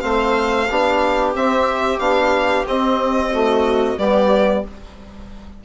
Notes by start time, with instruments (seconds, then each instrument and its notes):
0.00 bassoon A3, trombone C4, viola C5, violin F5
0.70 bassoon B3, trombone D4, viola G4
1.35 bassoon C4, trombone C4, violin E5
1.99 bassoon B3, trombone D4, violin F5
2.67 bassoon C4, trombone C4, violin D#5
3.32 trombone A3, viola F#4
3.98 bassoon G3, trombone B3, viola G4, violin D5